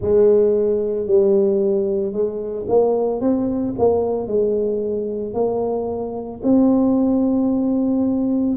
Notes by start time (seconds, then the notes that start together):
0.00 G#3
1.06 G3
2.12 G#3
2.67 A#3
3.20 C4
3.78 A#3
4.27 G#3
5.33 A#3
6.43 C4